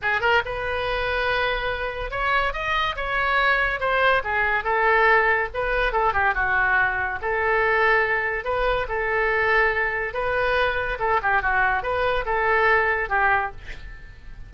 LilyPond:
\new Staff \with { instrumentName = "oboe" } { \time 4/4 \tempo 4 = 142 gis'8 ais'8 b'2.~ | b'4 cis''4 dis''4 cis''4~ | cis''4 c''4 gis'4 a'4~ | a'4 b'4 a'8 g'8 fis'4~ |
fis'4 a'2. | b'4 a'2. | b'2 a'8 g'8 fis'4 | b'4 a'2 g'4 | }